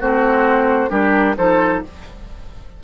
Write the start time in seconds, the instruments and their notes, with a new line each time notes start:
0.00 bassoon A3, clarinet C4, oboe F#4, flute C5
0.89 bassoon G3, clarinet D4, oboe G4, flute A#4
1.37 bassoon F3, clarinet D#4, oboe A4, flute C5